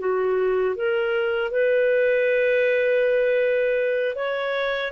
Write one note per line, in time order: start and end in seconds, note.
0.00 0.76 F#4
0.76 1.51 A#4
1.51 4.16 B4
4.16 4.92 C#5